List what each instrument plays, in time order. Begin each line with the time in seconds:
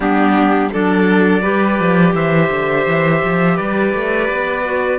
0.00 cello G3, clarinet B3, violin D4, trumpet G4
0.72 cello F#3, clarinet D4, violin A4, trumpet D5
1.41 cello G3, clarinet G4, violin B4
1.79 cello F3
2.14 cello E3, violin C5, trumpet E5
2.50 cello D3
2.86 cello E3
3.24 cello F3
3.56 cello G3, violin B4, trumpet D5
3.94 cello A3
4.29 cello B3
4.64 clarinet F#4